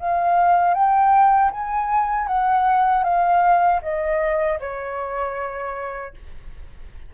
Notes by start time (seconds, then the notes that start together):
0.00 F5
0.74 G5
1.51 G#5
2.28 F#5
3.04 F5
3.83 D#5
4.60 C#5